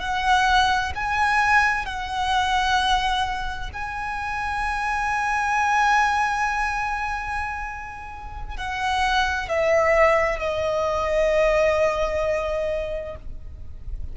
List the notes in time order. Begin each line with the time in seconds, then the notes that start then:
0.00 F#5
0.95 G#5
1.86 F#5
3.73 G#5
8.57 F#5
9.49 E5
10.39 D#5